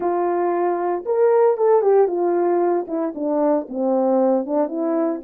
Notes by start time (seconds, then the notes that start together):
0.00 F4
1.05 A#4
1.57 A4
1.81 G4
2.07 F4
2.87 E4
3.14 D4
3.69 C4
4.45 D4
4.68 E4